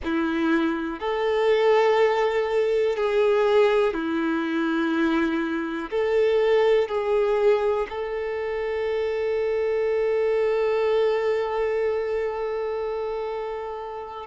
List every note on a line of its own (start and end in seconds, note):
0.04 0.99 E4
0.99 2.96 A4
2.96 3.93 G#4
3.93 5.90 E4
5.90 6.88 A4
6.88 7.86 G#4
7.89 14.26 A4